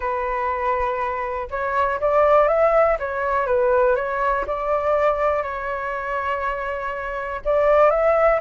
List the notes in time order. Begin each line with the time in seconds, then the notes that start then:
0.00 B4
1.50 C#5
2.00 D5
2.47 E5
2.99 C#5
3.46 B4
3.95 C#5
4.47 D5
5.43 C#5
7.44 D5
7.90 E5